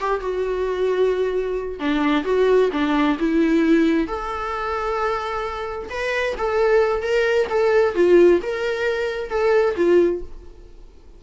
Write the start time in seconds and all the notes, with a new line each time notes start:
0.00 G4
0.20 F#4
1.79 D4
2.24 F#4
2.72 D4
3.19 E4
4.07 A4
5.89 B4
6.37 A4
7.02 A#4
7.49 A4
7.94 F4
8.42 A#4
9.29 A4
9.76 F4